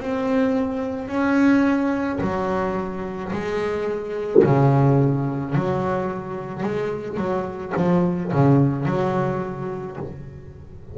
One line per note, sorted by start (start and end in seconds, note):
0.00 1.08 C4
1.08 2.19 C#4
2.21 3.32 F#3
3.32 4.43 G#3
4.43 5.55 C#3
5.55 6.63 F#3
6.63 7.17 G#3
7.17 7.73 F#3
7.76 8.32 F3
8.32 8.86 C#3
8.86 9.97 F#3